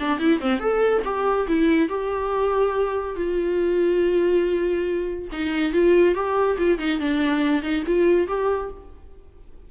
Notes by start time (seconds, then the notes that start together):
0.00 D4
0.19 E4
0.40 C4
0.60 A4
1.04 G4
1.48 E4
1.89 G4
3.16 F4
5.32 D#4
5.73 F4
6.15 G4
6.58 F4
6.78 D#4
7.00 D4
7.63 D#4
7.87 F4
8.28 G4